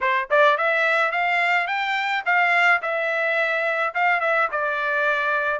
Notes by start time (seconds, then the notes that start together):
0.00 C5
0.30 D5
0.57 E5
1.11 F5
1.67 G5
2.25 F5
2.82 E5
3.94 F5
4.20 E5
4.51 D5